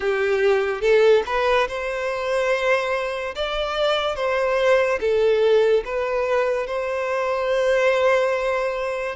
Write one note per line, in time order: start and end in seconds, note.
0.00 0.81 G4
0.81 1.23 A4
1.25 1.67 B4
1.67 3.34 C5
3.35 4.15 D5
4.15 4.98 C5
5.00 5.83 A4
5.84 6.67 B4
6.67 9.15 C5